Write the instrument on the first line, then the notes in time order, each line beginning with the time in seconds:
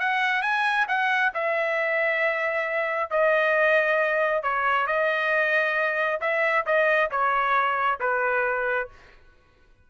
trumpet
0.00 F#5
0.42 G#5
0.88 F#5
1.34 E5
3.11 D#5
4.43 C#5
4.87 D#5
6.21 E5
6.66 D#5
7.11 C#5
8.00 B4